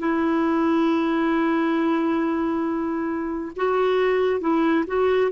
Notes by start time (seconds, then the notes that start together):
0.00 E4
3.57 F#4
4.41 E4
4.88 F#4